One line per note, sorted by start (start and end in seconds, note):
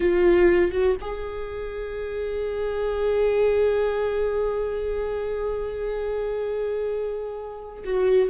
0.00 0.71 F4
0.71 0.96 F#4
1.00 7.83 G#4
7.84 8.30 F#4